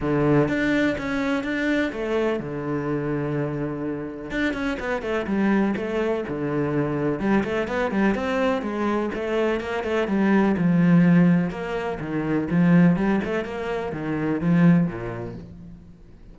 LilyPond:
\new Staff \with { instrumentName = "cello" } { \time 4/4 \tempo 4 = 125 d4 d'4 cis'4 d'4 | a4 d2.~ | d4 d'8 cis'8 b8 a8 g4 | a4 d2 g8 a8 |
b8 g8 c'4 gis4 a4 | ais8 a8 g4 f2 | ais4 dis4 f4 g8 a8 | ais4 dis4 f4 ais,4 | }